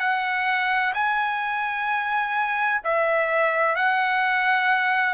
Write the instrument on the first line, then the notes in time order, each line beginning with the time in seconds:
trumpet
0.00 F#5
0.95 G#5
2.84 E5
3.76 F#5